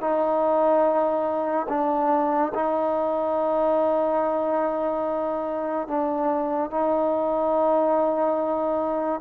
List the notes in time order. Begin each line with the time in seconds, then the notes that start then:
0.00 D#4
1.69 D4
2.54 D#4
5.87 D4
6.70 D#4